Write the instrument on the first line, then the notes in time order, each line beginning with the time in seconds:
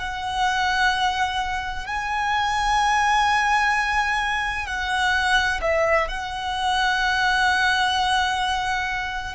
violin
0.00 F#5
1.87 G#5
4.67 F#5
5.62 E5
6.09 F#5